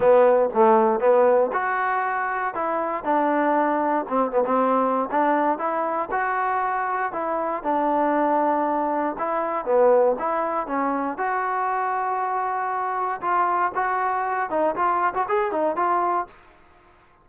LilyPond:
\new Staff \with { instrumentName = "trombone" } { \time 4/4 \tempo 4 = 118 b4 a4 b4 fis'4~ | fis'4 e'4 d'2 | c'8 b16 c'4~ c'16 d'4 e'4 | fis'2 e'4 d'4~ |
d'2 e'4 b4 | e'4 cis'4 fis'2~ | fis'2 f'4 fis'4~ | fis'8 dis'8 f'8. fis'16 gis'8 dis'8 f'4 | }